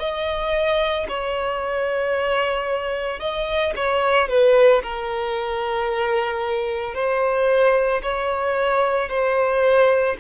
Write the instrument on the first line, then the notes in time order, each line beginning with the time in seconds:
violin
0.00 D#5
1.09 C#5
3.19 D#5
3.76 C#5
4.29 B4
4.83 A#4
6.94 C5
8.03 C#5
9.09 C5